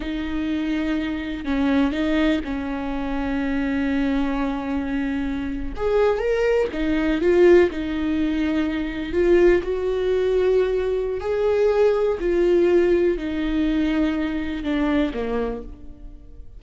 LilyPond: \new Staff \with { instrumentName = "viola" } { \time 4/4 \tempo 4 = 123 dis'2. cis'4 | dis'4 cis'2.~ | cis'2.~ cis'8. gis'16~ | gis'8. ais'4 dis'4 f'4 dis'16~ |
dis'2~ dis'8. f'4 fis'16~ | fis'2. gis'4~ | gis'4 f'2 dis'4~ | dis'2 d'4 ais4 | }